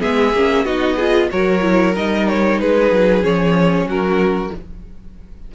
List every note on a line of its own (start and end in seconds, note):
0.00 0.33 G#3
0.00 0.32 B3
0.00 0.65 G#4
0.00 0.65 E5
0.33 0.64 A#3
0.33 0.66 C#4
0.64 1.29 B3
0.64 0.98 D#4
0.64 0.96 F#4
0.64 1.30 D#5
0.96 1.30 F4
0.96 1.28 G#4
1.30 1.96 F#3
1.30 1.61 F#4
1.30 2.60 A#4
1.30 1.95 C#5
1.61 1.94 E4
1.95 2.60 G3
1.95 3.21 D#4
1.95 2.28 D#5
2.28 2.60 C#5
2.60 2.90 G#3
2.60 3.87 G#4
2.60 3.23 B4
2.90 3.23 F#3
3.21 3.85 F3
3.21 4.50 C#4
3.21 3.88 C#5
3.85 4.50 F#3
3.85 4.51 F#4
3.85 4.54 A#4